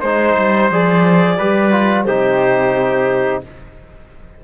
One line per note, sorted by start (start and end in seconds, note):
0.00 0.36 G#3
0.00 0.72 D#4
0.00 1.36 C5
0.00 0.70 C5
0.37 0.70 G3
0.70 1.38 F3
0.70 1.39 G#4
0.70 2.04 D5
1.37 2.06 G3
1.37 1.71 G4
1.37 2.05 B4
1.71 2.06 F4
2.04 3.42 C3
2.04 3.44 D#4
2.04 3.43 G4
2.04 3.41 C5